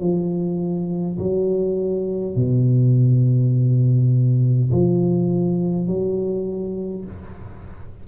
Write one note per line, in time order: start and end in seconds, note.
0.00 1.18 F3
1.18 2.36 F#3
2.36 4.71 B2
4.72 5.87 F3
5.87 7.04 F#3